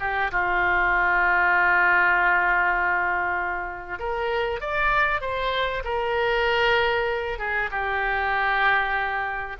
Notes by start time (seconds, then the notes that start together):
0.00 G4
0.31 F4
3.99 A#4
4.61 D5
5.21 C5
5.84 A#4
7.39 G#4
7.71 G4